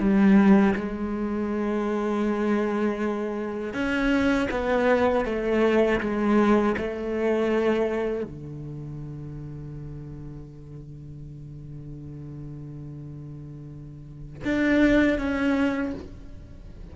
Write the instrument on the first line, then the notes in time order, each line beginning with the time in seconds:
cello
0.00 G3
0.76 G#3
3.74 C#4
4.51 B3
5.25 A3
6.01 G#3
6.78 A3
8.24 D3
14.45 D4
15.19 C#4